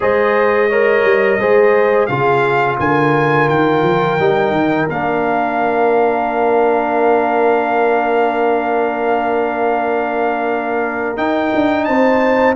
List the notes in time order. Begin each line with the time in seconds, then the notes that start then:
0.00 G#3 G#4 C5 D#5
0.69 A#4 C#5
1.03 G3
1.38 G#3 G#4 C5
2.06 C#3 F4 G#4 F5
2.79 D3 A#4 G#5
3.48 D#3 G5
3.82 F3
4.19 G3 D#4
4.50 D#3
4.89 A#3 D4 F5
11.17 D#4 G5
11.54 D4
11.84 C4 C5 A5